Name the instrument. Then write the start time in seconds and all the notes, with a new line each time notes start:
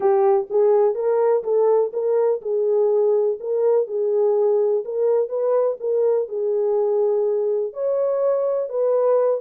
horn
0.00 G4
0.50 G#4
0.94 A#4
1.43 A4
1.92 A#4
2.41 G#4
3.39 A#4
3.87 G#4
4.84 A#4
5.29 B4
5.80 A#4
6.28 G#4
7.73 C#5
8.69 B4